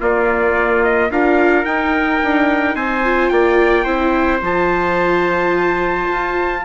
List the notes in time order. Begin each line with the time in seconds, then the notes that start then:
0.00 A#3 F4 D5
0.83 D#5
1.10 D4 F4 A#4 F5
1.65 D#4 G5
2.23 D4
2.75 C4 C5 G#5
3.04 F4
3.29 A#3 D5 G5
3.84 C4 E4 C5
4.42 F3 F4 A5
6.11 F4